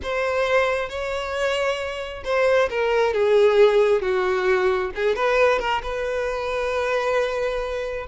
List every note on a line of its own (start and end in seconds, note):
0.02 0.89 C5
0.89 2.23 C#5
2.24 2.69 C5
2.70 3.13 A#4
3.13 4.01 G#4
4.01 4.91 F#4
4.95 5.15 G#4
5.15 5.59 B4
5.59 5.81 A#4
5.82 8.06 B4